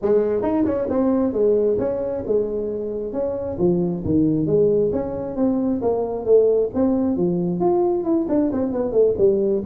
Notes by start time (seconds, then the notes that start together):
0.02 G#3
0.42 D#4
0.65 C#4
0.89 C4
1.32 G#3
1.78 C#4
2.27 G#3
3.12 C#4
3.58 F3
4.05 D#3
4.46 G#3
4.92 C#4
5.36 C4
5.81 A#3
6.25 A3
6.74 C4
7.16 F3
7.60 F4
8.04 E4
8.28 D4
8.52 C4
8.72 B3
8.91 A3
9.18 G3